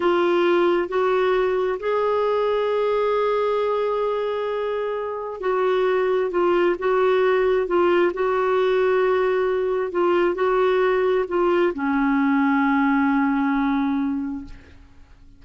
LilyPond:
\new Staff \with { instrumentName = "clarinet" } { \time 4/4 \tempo 4 = 133 f'2 fis'2 | gis'1~ | gis'1 | fis'2 f'4 fis'4~ |
fis'4 f'4 fis'2~ | fis'2 f'4 fis'4~ | fis'4 f'4 cis'2~ | cis'1 | }